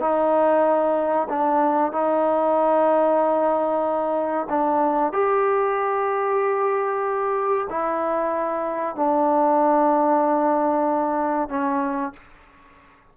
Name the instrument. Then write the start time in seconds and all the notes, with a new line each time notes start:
trombone
0.00 D#4
1.29 D4
1.92 D#4
4.49 D4
5.12 G4
7.70 E4
8.95 D4
11.49 C#4